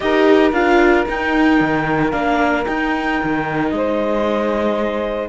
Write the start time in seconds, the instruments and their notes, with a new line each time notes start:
0.00 cello D#4, viola G4, saxophone A#4, clarinet D#5
0.51 cello D4, viola F4, clarinet F5
1.07 viola D#4, cello D#4, clarinet G5
1.60 cello D#3
2.11 cello A#3, viola D4, clarinet F5
2.64 viola D#4, cello D#4, clarinet G5
3.23 cello D#3
3.69 cello G#3, saxophone C5, clarinet D#5